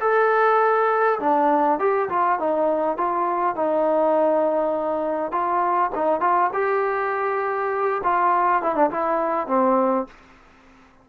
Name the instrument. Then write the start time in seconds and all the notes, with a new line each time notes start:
trombone
0.00 A4
1.19 D4
1.79 G4
2.09 F4
2.39 D#4
2.97 F4
3.55 D#4
5.31 F4
5.95 D#4
6.20 F4
6.53 G4
8.03 F4
8.62 E4
8.75 D4
8.90 E4
9.47 C4